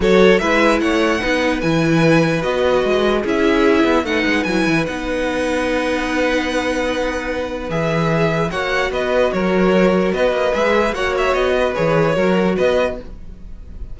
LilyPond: <<
  \new Staff \with { instrumentName = "violin" } { \time 4/4 \tempo 4 = 148 cis''4 e''4 fis''2 | gis''2 dis''2 | e''2 fis''4 gis''4 | fis''1~ |
fis''2. e''4~ | e''4 fis''4 dis''4 cis''4~ | cis''4 dis''4 e''4 fis''8 e''8 | dis''4 cis''2 dis''4 | }
  \new Staff \with { instrumentName = "violin" } { \time 4/4 a'4 b'4 cis''4 b'4~ | b'1 | gis'2 b'2~ | b'1~ |
b'1~ | b'4 cis''4 b'4 ais'4~ | ais'4 b'2 cis''4~ | cis''8 b'4. ais'4 b'4 | }
  \new Staff \with { instrumentName = "viola" } { \time 4/4 fis'4 e'2 dis'4 | e'2 fis'2 | e'2 dis'4 e'4 | dis'1~ |
dis'2. gis'4~ | gis'4 fis'2.~ | fis'2 gis'4 fis'4~ | fis'4 gis'4 fis'2 | }
  \new Staff \with { instrumentName = "cello" } { \time 4/4 fis4 gis4 a4 b4 | e2 b4 gis4 | cis'4. b8 a8 gis8 fis8 e8 | b1~ |
b2. e4~ | e4 ais4 b4 fis4~ | fis4 b8 ais8 gis4 ais4 | b4 e4 fis4 b4 | }
>>